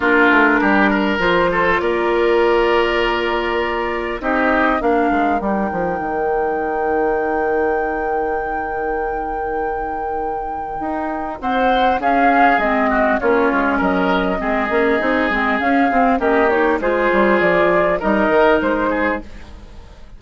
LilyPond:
<<
  \new Staff \with { instrumentName = "flute" } { \time 4/4 \tempo 4 = 100 ais'2 c''4 d''4~ | d''2. dis''4 | f''4 g''2.~ | g''1~ |
g''2. fis''4 | f''4 dis''4 cis''4 dis''4~ | dis''2 f''4 dis''8 cis''8 | c''4 d''4 dis''4 c''4 | }
  \new Staff \with { instrumentName = "oboe" } { \time 4/4 f'4 g'8 ais'4 a'8 ais'4~ | ais'2. g'4 | ais'1~ | ais'1~ |
ais'2. c''4 | gis'4. fis'8 f'4 ais'4 | gis'2. g'4 | gis'2 ais'4. gis'8 | }
  \new Staff \with { instrumentName = "clarinet" } { \time 4/4 d'2 f'2~ | f'2. dis'4 | d'4 dis'2.~ | dis'1~ |
dis'1 | cis'4 c'4 cis'2 | c'8 cis'8 dis'8 c'8 cis'8 c'8 cis'8 dis'8 | f'2 dis'2 | }
  \new Staff \with { instrumentName = "bassoon" } { \time 4/4 ais8 a8 g4 f4 ais4~ | ais2. c'4 | ais8 gis8 g8 f8 dis2~ | dis1~ |
dis2 dis'4 c'4 | cis'4 gis4 ais8 gis8 fis4 | gis8 ais8 c'8 gis8 cis'8 c'8 ais4 | gis8 g8 f4 g8 dis8 gis4 | }
>>